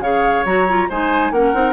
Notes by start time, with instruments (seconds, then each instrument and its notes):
0.00 bassoon C#3, clarinet G#4, oboe C#5, flute F5
0.45 bassoon F#3, clarinet F#4, flute A#5
0.68 clarinet F4
0.89 bassoon G#3, clarinet D#4, oboe C5, flute G#5
1.31 bassoon A#3, clarinet C#4, oboe A#4, flute F#5
1.54 bassoon C4, clarinet D#4